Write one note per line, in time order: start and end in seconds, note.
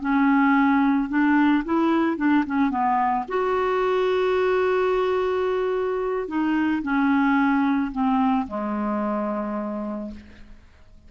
0.00 1.09 C#4
1.09 1.64 D4
1.65 2.17 E4
2.17 2.44 D4
2.46 2.70 C#4
2.70 3.25 B3
3.29 6.28 F#4
6.28 6.82 D#4
6.83 7.92 C#4
7.92 8.46 C4
8.47 10.11 G#3